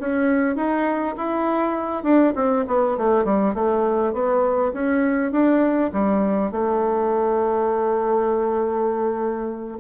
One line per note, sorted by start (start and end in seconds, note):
0.00 0.56 C#4
0.56 1.15 D#4
1.17 2.04 E4
2.04 2.33 D4
2.35 2.65 C4
2.68 2.97 B3
2.98 3.25 A3
3.25 3.54 G3
3.54 4.13 A3
4.13 4.73 B3
4.73 5.32 C#4
5.32 5.91 D4
5.92 6.52 G3
6.52 9.78 A3